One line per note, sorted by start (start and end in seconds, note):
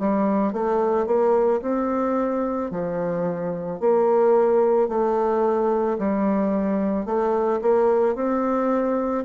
0.00 0.53 G3
0.53 1.07 A3
1.07 1.62 A#3
1.62 2.71 C4
2.71 3.80 F3
3.80 4.89 A#3
4.89 5.98 A3
5.99 7.06 G3
7.06 7.61 A3
7.62 8.16 A#3
8.16 9.25 C4